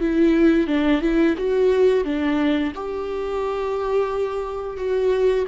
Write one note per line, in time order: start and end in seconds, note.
0.00 0.67 E4
0.67 1.01 D4
1.01 1.35 E4
1.37 2.04 F#4
2.04 2.72 D4
2.75 4.77 G4
4.77 5.45 F#4